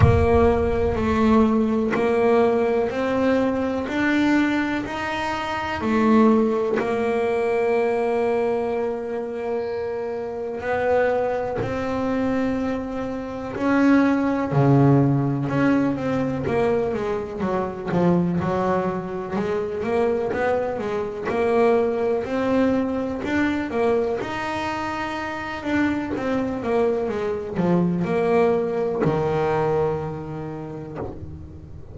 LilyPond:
\new Staff \with { instrumentName = "double bass" } { \time 4/4 \tempo 4 = 62 ais4 a4 ais4 c'4 | d'4 dis'4 a4 ais4~ | ais2. b4 | c'2 cis'4 cis4 |
cis'8 c'8 ais8 gis8 fis8 f8 fis4 | gis8 ais8 b8 gis8 ais4 c'4 | d'8 ais8 dis'4. d'8 c'8 ais8 | gis8 f8 ais4 dis2 | }